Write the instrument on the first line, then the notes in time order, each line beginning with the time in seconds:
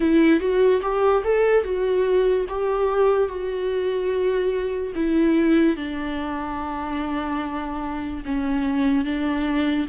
viola
0.00 E4
0.40 F#4
0.81 G4
1.23 A4
1.63 F#4
2.48 G4
3.28 F#4
4.95 E4
5.76 D4
8.25 C#4
9.04 D4